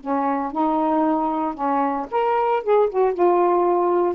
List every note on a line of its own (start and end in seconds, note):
0.00 0.52 C#4
0.52 1.54 D#4
1.54 2.06 C#4
2.11 2.63 A#4
2.63 2.89 G#4
2.89 3.13 F#4
3.13 4.15 F4